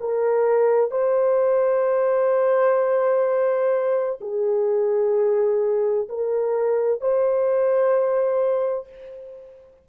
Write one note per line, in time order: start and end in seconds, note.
0.00 0.91 A#4
0.91 4.19 C5
4.21 6.08 G#4
6.09 7.01 A#4
7.01 8.88 C5